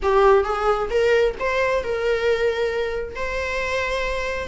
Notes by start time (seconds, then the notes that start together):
0.02 G4
0.44 G#4
0.90 A#4
1.39 C5
1.83 A#4
3.15 C5